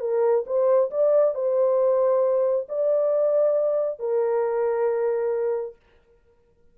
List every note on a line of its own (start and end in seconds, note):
0.00 0.44 A#4
0.46 0.90 C5
0.90 1.34 D5
1.34 2.67 C5
2.68 3.99 D5
3.99 5.76 A#4